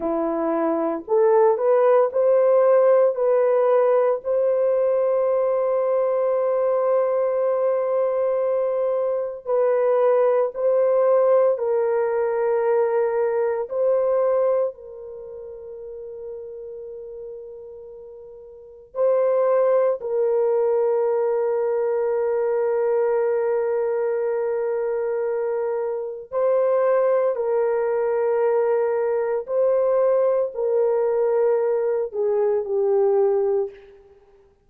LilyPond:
\new Staff \with { instrumentName = "horn" } { \time 4/4 \tempo 4 = 57 e'4 a'8 b'8 c''4 b'4 | c''1~ | c''4 b'4 c''4 ais'4~ | ais'4 c''4 ais'2~ |
ais'2 c''4 ais'4~ | ais'1~ | ais'4 c''4 ais'2 | c''4 ais'4. gis'8 g'4 | }